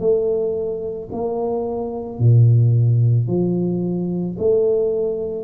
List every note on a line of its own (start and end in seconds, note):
0.00 1.09 A3
1.12 2.19 A#3
2.19 3.27 A#2
3.27 4.36 F3
4.39 5.44 A3